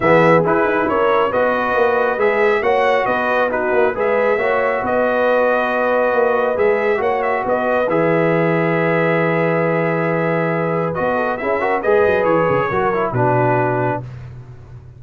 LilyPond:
<<
  \new Staff \with { instrumentName = "trumpet" } { \time 4/4 \tempo 4 = 137 e''4 b'4 cis''4 dis''4~ | dis''4 e''4 fis''4 dis''4 | b'4 e''2 dis''4~ | dis''2. e''4 |
fis''8 e''8 dis''4 e''2~ | e''1~ | e''4 dis''4 e''4 dis''4 | cis''2 b'2 | }
  \new Staff \with { instrumentName = "horn" } { \time 4/4 gis'2 ais'4 b'4~ | b'2 cis''4 b'4 | fis'4 b'4 cis''4 b'4~ | b'1 |
cis''4 b'2.~ | b'1~ | b'4. a'8 gis'8 ais'8 b'4~ | b'4 ais'4 fis'2 | }
  \new Staff \with { instrumentName = "trombone" } { \time 4/4 b4 e'2 fis'4~ | fis'4 gis'4 fis'2 | dis'4 gis'4 fis'2~ | fis'2. gis'4 |
fis'2 gis'2~ | gis'1~ | gis'4 fis'4 e'8 fis'8 gis'4~ | gis'4 fis'8 e'8 d'2 | }
  \new Staff \with { instrumentName = "tuba" } { \time 4/4 e4 e'8 dis'8 cis'4 b4 | ais4 gis4 ais4 b4~ | b8 ais8 gis4 ais4 b4~ | b2 ais4 gis4 |
ais4 b4 e2~ | e1~ | e4 b4 cis'4 gis8 fis8 | e8 cis8 fis4 b,2 | }
>>